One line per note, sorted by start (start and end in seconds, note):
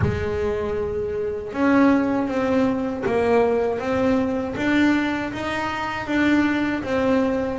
0.01 1.52 G#3
1.52 2.27 C#4
2.27 3.03 C4
3.06 3.79 A#3
3.79 4.55 C4
4.56 5.32 D4
5.32 6.07 D#4
6.07 6.83 D4
6.83 7.58 C4